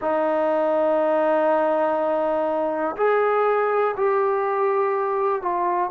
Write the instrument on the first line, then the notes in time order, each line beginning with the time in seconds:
trombone
0.00 D#4
2.96 G#4
3.96 G4
5.41 F4